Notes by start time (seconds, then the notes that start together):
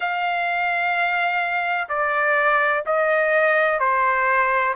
0.00 F5
1.88 D5
2.86 D#5
3.79 C5